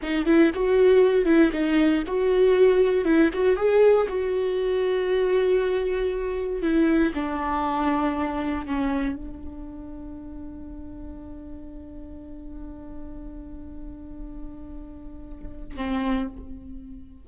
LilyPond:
\new Staff \with { instrumentName = "viola" } { \time 4/4 \tempo 4 = 118 dis'8 e'8 fis'4. e'8 dis'4 | fis'2 e'8 fis'8 gis'4 | fis'1~ | fis'4 e'4 d'2~ |
d'4 cis'4 d'2~ | d'1~ | d'1~ | d'2. c'4 | }